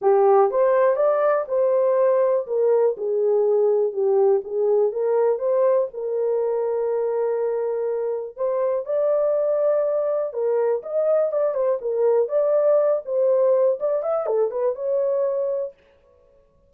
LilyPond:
\new Staff \with { instrumentName = "horn" } { \time 4/4 \tempo 4 = 122 g'4 c''4 d''4 c''4~ | c''4 ais'4 gis'2 | g'4 gis'4 ais'4 c''4 | ais'1~ |
ais'4 c''4 d''2~ | d''4 ais'4 dis''4 d''8 c''8 | ais'4 d''4. c''4. | d''8 e''8 a'8 b'8 cis''2 | }